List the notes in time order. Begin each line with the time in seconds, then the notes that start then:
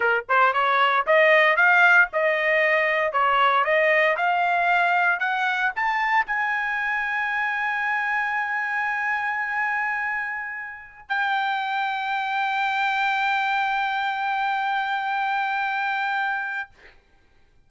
0.00 A#4
0.28 C5
0.53 C#5
1.06 D#5
1.56 F5
2.12 D#5
3.12 C#5
3.64 D#5
4.16 F5
5.19 F#5
5.75 A5
6.26 G#5
11.08 G5